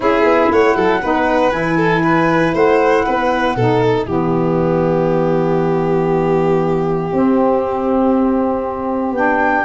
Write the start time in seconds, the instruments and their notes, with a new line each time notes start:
0.00 tuba C#4, saxophone E4, violin G#4, flute E5
0.23 tuba B3
0.50 tuba A3, violin C#5, flute F#5
0.75 tuba F#3, violin A4
1.02 tuba B3, saxophone D#4, violin B4
1.51 tuba E3, saxophone E4, flute G#5
1.77 violin A4
2.03 violin B4
2.54 tuba A3, violin C5, flute F#5
3.05 tuba B3, violin B4
3.55 tuba B2, saxophone D#4, violin A4
3.83 flute E5
4.06 tuba E3, saxophone B3, violin G4
7.12 saxophone C4, tuba C4
9.12 tuba B3, saxophone D4, flute G5